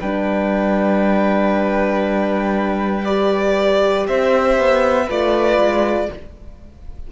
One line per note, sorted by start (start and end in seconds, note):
0.00 4.08 G3
0.00 3.07 D4
0.00 4.07 B4
0.00 3.05 G5
3.05 5.08 G4
3.05 4.06 D5
4.07 4.58 C4
4.07 5.06 C5
4.07 5.09 E5
4.58 5.09 B3
5.06 5.57 A3
5.06 6.10 F4
5.06 6.07 B4
5.06 6.12 D5
5.57 6.08 G#3